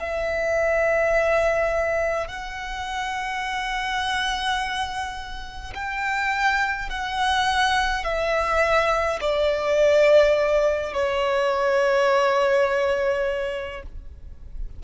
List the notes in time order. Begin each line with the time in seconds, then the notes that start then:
0.00 E5
2.28 F#5
5.75 G5
6.90 F#5
8.05 E5
9.21 D5
10.94 C#5